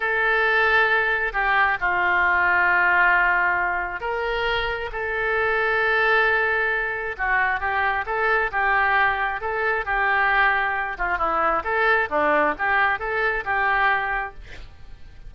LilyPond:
\new Staff \with { instrumentName = "oboe" } { \time 4/4 \tempo 4 = 134 a'2. g'4 | f'1~ | f'4 ais'2 a'4~ | a'1 |
fis'4 g'4 a'4 g'4~ | g'4 a'4 g'2~ | g'8 f'8 e'4 a'4 d'4 | g'4 a'4 g'2 | }